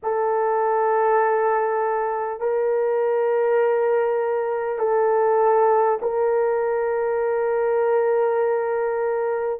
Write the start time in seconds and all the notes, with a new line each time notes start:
0.02 A4
2.40 A#4
4.78 A4
6.01 A#4